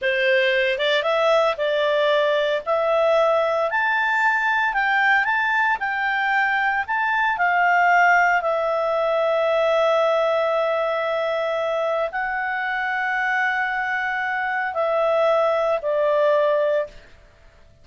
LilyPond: \new Staff \with { instrumentName = "clarinet" } { \time 4/4 \tempo 4 = 114 c''4. d''8 e''4 d''4~ | d''4 e''2 a''4~ | a''4 g''4 a''4 g''4~ | g''4 a''4 f''2 |
e''1~ | e''2. fis''4~ | fis''1 | e''2 d''2 | }